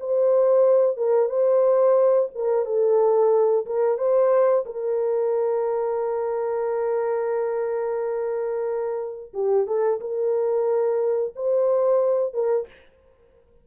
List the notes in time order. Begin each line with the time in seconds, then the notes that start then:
0.00 C5
0.96 A#4
1.29 C5
2.35 A#4
2.65 A4
3.66 A#4
3.98 C5
4.65 A#4
9.33 G4
9.66 A4
10.00 A#4
11.35 C5
12.34 A#4